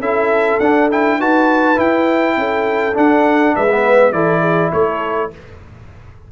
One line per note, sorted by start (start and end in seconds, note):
0.00 0.59 C#4
0.00 0.61 E4
0.00 1.19 A4
0.00 0.60 E5
0.60 1.19 D4
0.60 0.91 D4
0.60 0.89 F#5
0.91 1.20 E4
0.91 1.21 G5
1.19 1.78 D#4
1.19 1.76 F#4
1.19 2.36 B4
1.19 1.79 A5
1.76 2.94 E4
1.76 2.37 E4
1.76 2.97 G5
2.37 2.96 C#4
2.37 3.56 A4
2.94 3.68 D4
2.94 3.56 D4
2.94 3.56 F#5
3.56 4.12 G#3
3.56 4.14 B4
3.56 4.13 E5
3.70 4.13 B3
4.12 4.71 E3
4.12 5.31 E4
4.12 4.41 A4
4.12 4.72 D5
4.41 4.71 G#4
4.73 5.32 A3
4.73 5.32 A4
4.73 5.31 C#5